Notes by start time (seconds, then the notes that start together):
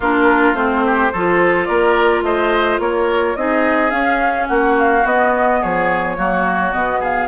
0.00 A#3 D4 F4 A#4
0.53 A3 C4 C5
0.85 G4
1.12 F3 F4 A4
1.65 A#3 A#4 D5
2.22 A3 C5 D#5
2.79 A#3 A#4 C#5
3.36 C4 D#4 G#4 D#5
3.90 C#4 F5
4.46 A#3 F#4 F#5
4.78 F5
5.04 B3 D#5
5.60 F3 G#4 C#5
6.16 F#3 A#3 F#4
6.71 B2 B3 D#5
7.00 G#4 F5